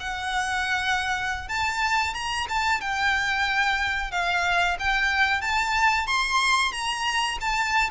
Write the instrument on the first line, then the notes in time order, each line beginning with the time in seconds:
violin
0.00 F#5
1.48 A5
2.14 A#5
2.48 A5
2.81 G5
4.11 F5
4.79 G5
5.41 A5
6.07 C6
6.72 A#5
7.41 A5